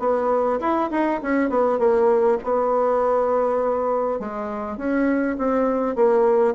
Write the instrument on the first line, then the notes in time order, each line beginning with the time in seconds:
bassoon
0.00 B3
0.61 E4
0.91 D#4
1.23 C#4
1.50 B3
1.79 A#3
2.44 B3
4.20 G#3
4.78 C#4
5.38 C4
5.96 A#3